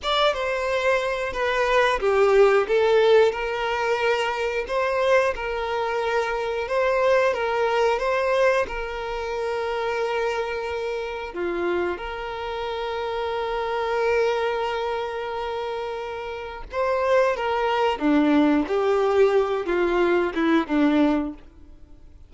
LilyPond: \new Staff \with { instrumentName = "violin" } { \time 4/4 \tempo 4 = 90 d''8 c''4. b'4 g'4 | a'4 ais'2 c''4 | ais'2 c''4 ais'4 | c''4 ais'2.~ |
ais'4 f'4 ais'2~ | ais'1~ | ais'4 c''4 ais'4 d'4 | g'4. f'4 e'8 d'4 | }